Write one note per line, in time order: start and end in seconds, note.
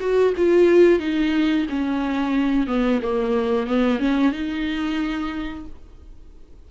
0.00 0.33 F#4
0.37 0.99 F4
0.99 1.66 D#4
1.69 2.67 C#4
2.67 3.00 B3
3.02 3.67 A#3
3.67 3.99 B3
3.99 4.32 C#4
4.32 5.65 D#4